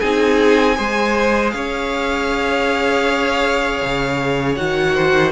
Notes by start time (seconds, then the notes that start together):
0.00 C4 D#4 G#4 G#5
0.76 G#3 G#4 C5
1.51 C#4 C#5 F5
3.84 C#3
4.56 D#3 F#4 F#5
4.95 C5